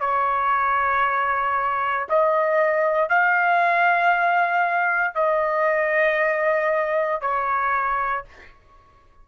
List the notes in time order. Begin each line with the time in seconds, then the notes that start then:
0.00 C#5
2.09 D#5
3.09 F5
5.15 D#5
7.21 C#5